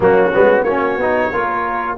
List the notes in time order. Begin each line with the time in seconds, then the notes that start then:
0.00 F#3 A#3 C#4 F#4
0.34 G#3 B3
0.63 A#3 C#4 F#4 C#5
0.96 B3 D#4
1.31 A#3 F4 A#4